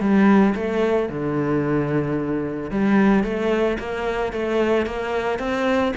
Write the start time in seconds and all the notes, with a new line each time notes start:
0.00 G3
0.55 A3
1.09 D3
2.70 G3
3.24 A3
3.79 A#3
4.33 A3
4.86 A#3
5.39 C4